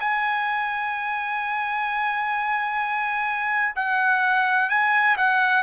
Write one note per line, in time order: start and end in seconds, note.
0.00 3.75 G#5
3.76 4.70 F#5
4.70 5.16 G#5
5.17 5.63 F#5